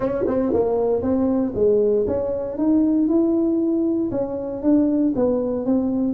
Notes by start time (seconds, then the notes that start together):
0.00 C#4
0.27 C4
0.53 A#3
1.02 C4
1.55 G#3
2.07 C#4
2.57 D#4
3.07 E4
4.11 C#4
4.62 D4
5.15 B3
5.65 C4